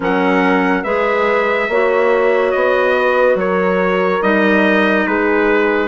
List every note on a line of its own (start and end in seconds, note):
0.00 0.84 F#3
0.00 0.83 C#4
0.00 0.84 A#4
0.00 0.83 F#5
0.83 1.68 G#3
0.83 1.69 G#4
0.83 1.68 B4
0.83 2.51 E5
1.68 2.53 A#3
1.68 4.22 F#4
1.68 2.96 C#5
2.51 3.35 B3
2.51 3.35 D#5
2.96 3.39 B4
3.35 4.19 F#3
3.35 5.07 A#4
3.35 4.22 C#5
4.21 5.06 G3
4.21 5.88 D#4
4.21 5.06 D#5
5.07 5.88 G#3
5.07 5.88 G#4
5.07 5.88 B4